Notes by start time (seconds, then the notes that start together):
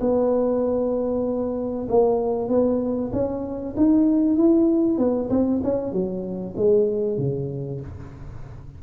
0.00 B3
1.88 A#3
2.48 B3
3.12 C#4
3.76 D#4
4.36 E4
4.98 B3
5.30 C4
5.63 C#4
5.92 F#3
6.57 G#3
7.18 C#3